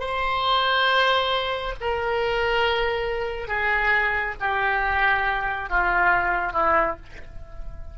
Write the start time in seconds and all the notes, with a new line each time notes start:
0.00 C5
1.81 A#4
3.48 G#4
4.40 G4
5.69 F4
6.53 E4